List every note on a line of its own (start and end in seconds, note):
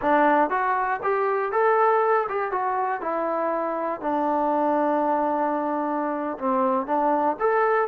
0.01 0.50 D4
0.50 1.00 F#4
1.02 1.52 G4
1.52 2.27 A4
2.28 2.51 G4
2.51 3.01 F#4
3.01 4.00 E4
4.00 6.38 D4
6.38 6.86 C4
6.86 7.36 D4
7.39 7.88 A4